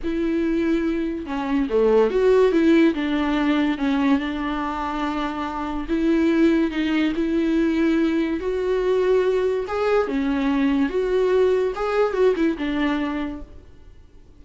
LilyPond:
\new Staff \with { instrumentName = "viola" } { \time 4/4 \tempo 4 = 143 e'2. cis'4 | a4 fis'4 e'4 d'4~ | d'4 cis'4 d'2~ | d'2 e'2 |
dis'4 e'2. | fis'2. gis'4 | cis'2 fis'2 | gis'4 fis'8 e'8 d'2 | }